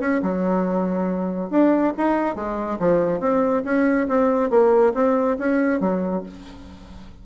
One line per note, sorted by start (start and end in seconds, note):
0.00 0.21 C#4
0.23 1.51 F#3
1.51 1.93 D4
1.98 2.36 D#4
2.36 2.79 G#3
2.80 3.21 F3
3.21 3.64 C4
3.65 4.08 C#4
4.09 4.51 C4
4.51 4.93 A#3
4.95 5.37 C4
5.39 5.81 C#4
5.81 6.23 F#3